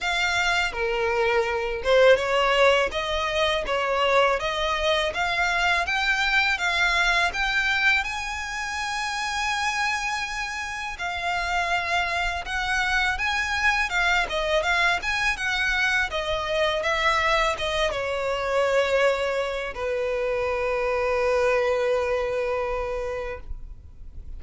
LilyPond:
\new Staff \with { instrumentName = "violin" } { \time 4/4 \tempo 4 = 82 f''4 ais'4. c''8 cis''4 | dis''4 cis''4 dis''4 f''4 | g''4 f''4 g''4 gis''4~ | gis''2. f''4~ |
f''4 fis''4 gis''4 f''8 dis''8 | f''8 gis''8 fis''4 dis''4 e''4 | dis''8 cis''2~ cis''8 b'4~ | b'1 | }